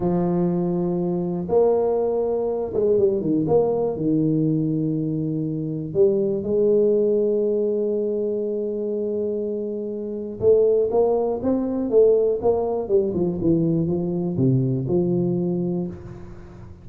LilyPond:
\new Staff \with { instrumentName = "tuba" } { \time 4/4 \tempo 4 = 121 f2. ais4~ | ais4. gis8 g8 dis8 ais4 | dis1 | g4 gis2.~ |
gis1~ | gis4 a4 ais4 c'4 | a4 ais4 g8 f8 e4 | f4 c4 f2 | }